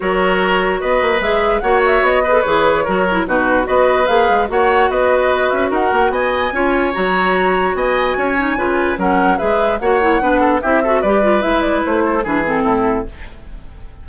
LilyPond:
<<
  \new Staff \with { instrumentName = "flute" } { \time 4/4 \tempo 4 = 147 cis''2 dis''4 e''4 | fis''8 e''8 dis''4 cis''2 | b'4 dis''4 f''4 fis''4 | dis''4. e''8 fis''4 gis''4~ |
gis''4 ais''2 gis''4~ | gis''2 fis''4 e''4 | fis''2 e''4 d''4 | e''8 d''8 c''4 b'8 a'4. | }
  \new Staff \with { instrumentName = "oboe" } { \time 4/4 ais'2 b'2 | cis''4. b'4. ais'4 | fis'4 b'2 cis''4 | b'2 ais'4 dis''4 |
cis''2. dis''4 | cis''4 b'4 ais'4 b'4 | cis''4 b'8 a'8 g'8 a'8 b'4~ | b'4. a'8 gis'4 e'4 | }
  \new Staff \with { instrumentName = "clarinet" } { \time 4/4 fis'2. gis'4 | fis'4. gis'16 a'16 gis'4 fis'8 e'8 | dis'4 fis'4 gis'4 fis'4~ | fis'1 |
f'4 fis'2.~ | fis'8 dis'8 f'4 cis'4 gis'4 | fis'8 e'8 d'4 e'8 fis'8 g'8 f'8 | e'2 d'8 c'4. | }
  \new Staff \with { instrumentName = "bassoon" } { \time 4/4 fis2 b8 ais8 gis4 | ais4 b4 e4 fis4 | b,4 b4 ais8 gis8 ais4 | b4. cis'8 dis'8 ais8 b4 |
cis'4 fis2 b4 | cis'4 cis4 fis4 gis4 | ais4 b4 c'4 g4 | gis4 a4 e4 a,4 | }
>>